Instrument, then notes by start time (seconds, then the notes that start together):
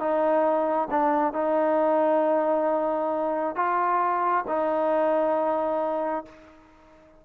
trombone
0.00 D#4
0.91 D4
1.34 D#4
3.56 F4
4.48 D#4